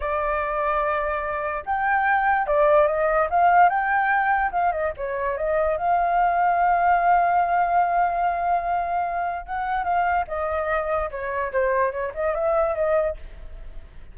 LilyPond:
\new Staff \with { instrumentName = "flute" } { \time 4/4 \tempo 4 = 146 d''1 | g''2 d''4 dis''4 | f''4 g''2 f''8 dis''8 | cis''4 dis''4 f''2~ |
f''1~ | f''2. fis''4 | f''4 dis''2 cis''4 | c''4 cis''8 dis''8 e''4 dis''4 | }